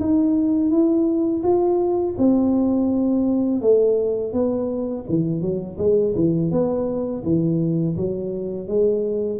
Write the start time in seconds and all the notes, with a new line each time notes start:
0.00 D#4
0.70 E4
1.43 F4
2.18 C4
3.61 A3
4.32 B3
5.09 E3
5.41 F#3
5.78 G#3
6.15 E3
6.51 B3
7.24 E3
7.96 F#3
8.67 G#3